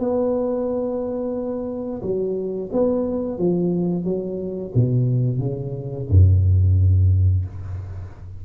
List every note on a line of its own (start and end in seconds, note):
0.00 2.02 B3
2.03 2.70 F#3
2.73 3.39 B3
3.39 4.04 F3
4.04 4.72 F#3
4.75 5.39 B2
5.39 6.06 C#3
6.10 7.45 F#2